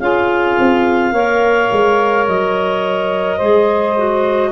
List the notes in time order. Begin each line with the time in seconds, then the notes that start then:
0.00 C#4 F4 G#4 F5
0.59 C4
1.12 A#3 A#4 C#5
1.72 G#3
2.28 F#3 D#5
3.37 G#3 G#4 C5
3.97 F#4